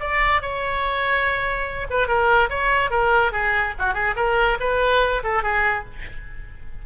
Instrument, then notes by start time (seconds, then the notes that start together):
oboe
0.00 D5
0.41 C#5
1.90 B4
2.08 A#4
2.50 C#5
2.90 A#4
3.32 G#4
3.79 F#4
3.94 G#4
4.16 A#4
4.60 B4
5.23 A4
5.43 G#4